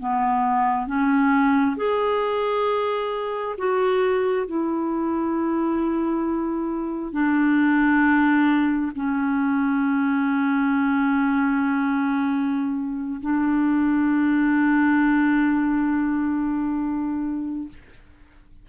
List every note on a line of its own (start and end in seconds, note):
0.00 0.87 B3
0.87 1.76 C#4
1.77 3.56 G#4
3.58 4.47 F#4
4.47 7.13 E4
7.13 8.92 D4
8.96 13.21 C#4
13.21 17.69 D4